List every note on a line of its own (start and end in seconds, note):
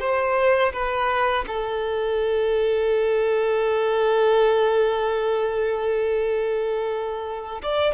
0.00 0.72 C5
0.73 1.45 B4
1.47 7.62 A4
7.62 7.94 D5